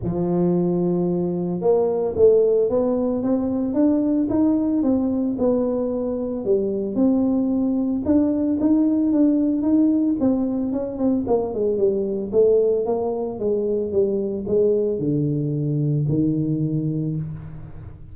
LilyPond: \new Staff \with { instrumentName = "tuba" } { \time 4/4 \tempo 4 = 112 f2. ais4 | a4 b4 c'4 d'4 | dis'4 c'4 b2 | g4 c'2 d'4 |
dis'4 d'4 dis'4 c'4 | cis'8 c'8 ais8 gis8 g4 a4 | ais4 gis4 g4 gis4 | d2 dis2 | }